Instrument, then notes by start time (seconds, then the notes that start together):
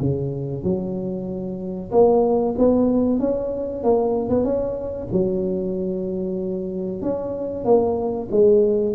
tuba
0.00 C#3
0.64 F#3
1.91 A#3
2.58 B3
3.19 C#4
3.84 A#3
4.29 B3
4.44 C#4
5.12 F#3
7.02 C#4
7.65 A#3
8.31 G#3